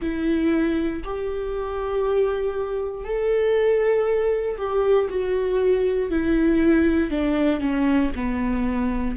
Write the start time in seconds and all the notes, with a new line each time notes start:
0.01 E4
1.04 G4
3.04 A4
4.57 G4
5.09 F#4
6.10 E4
7.10 D4
7.60 C#4
8.14 B3